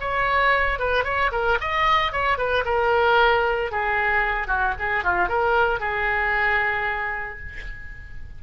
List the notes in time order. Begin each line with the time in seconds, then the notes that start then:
0.00 C#5
0.79 B4
1.04 C#5
1.31 A#4
1.60 D#5
2.12 C#5
2.37 B4
2.65 A#4
3.71 G#4
4.47 F#4
4.79 G#4
5.03 F4
5.28 A#4
5.79 G#4